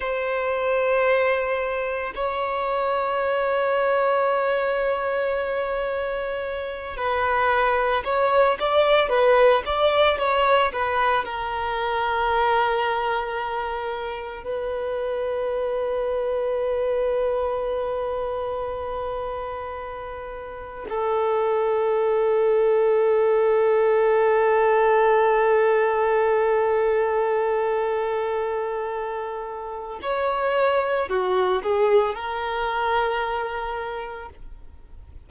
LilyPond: \new Staff \with { instrumentName = "violin" } { \time 4/4 \tempo 4 = 56 c''2 cis''2~ | cis''2~ cis''8 b'4 cis''8 | d''8 b'8 d''8 cis''8 b'8 ais'4.~ | ais'4. b'2~ b'8~ |
b'2.~ b'8 a'8~ | a'1~ | a'1 | cis''4 fis'8 gis'8 ais'2 | }